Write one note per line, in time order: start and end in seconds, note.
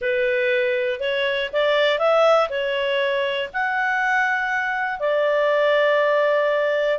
0.01 1.00 B4
1.00 1.50 C#5
1.52 1.98 D5
1.98 2.48 E5
2.49 3.49 C#5
3.53 4.99 F#5
4.99 6.99 D5